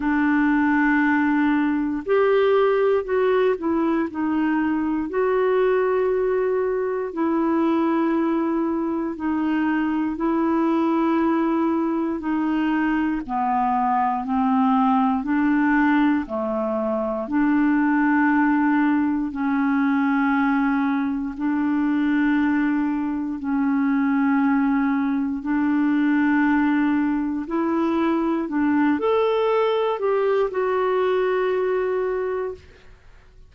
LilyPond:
\new Staff \with { instrumentName = "clarinet" } { \time 4/4 \tempo 4 = 59 d'2 g'4 fis'8 e'8 | dis'4 fis'2 e'4~ | e'4 dis'4 e'2 | dis'4 b4 c'4 d'4 |
a4 d'2 cis'4~ | cis'4 d'2 cis'4~ | cis'4 d'2 e'4 | d'8 a'4 g'8 fis'2 | }